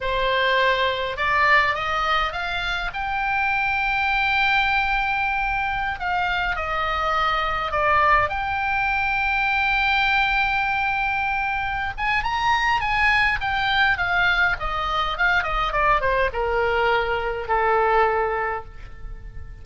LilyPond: \new Staff \with { instrumentName = "oboe" } { \time 4/4 \tempo 4 = 103 c''2 d''4 dis''4 | f''4 g''2.~ | g''2~ g''16 f''4 dis''8.~ | dis''4~ dis''16 d''4 g''4.~ g''16~ |
g''1~ | g''8 gis''8 ais''4 gis''4 g''4 | f''4 dis''4 f''8 dis''8 d''8 c''8 | ais'2 a'2 | }